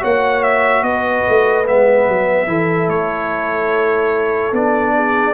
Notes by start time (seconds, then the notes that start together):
0.00 A#3 F#4 C#5 F#5
0.43 E5
0.82 B3 B4 D#5
1.28 A3
1.66 G#3 B3 E5
2.08 F#3
2.47 E3 E4 A4
2.87 A3 C#5
4.52 B3 D4 D5
4.95 G#4